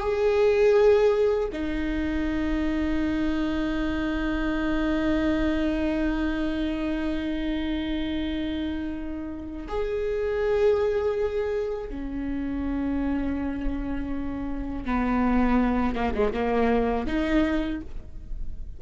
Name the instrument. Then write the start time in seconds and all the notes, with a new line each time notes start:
viola
0.00 G#4
1.52 D#4
9.68 G#4
11.89 C#4
14.85 B3
15.95 A#3
16.14 G#3
16.33 A#3
17.06 D#4